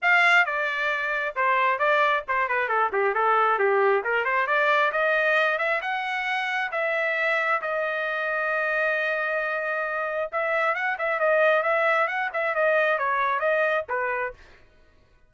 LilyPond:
\new Staff \with { instrumentName = "trumpet" } { \time 4/4 \tempo 4 = 134 f''4 d''2 c''4 | d''4 c''8 b'8 a'8 g'8 a'4 | g'4 ais'8 c''8 d''4 dis''4~ | dis''8 e''8 fis''2 e''4~ |
e''4 dis''2.~ | dis''2. e''4 | fis''8 e''8 dis''4 e''4 fis''8 e''8 | dis''4 cis''4 dis''4 b'4 | }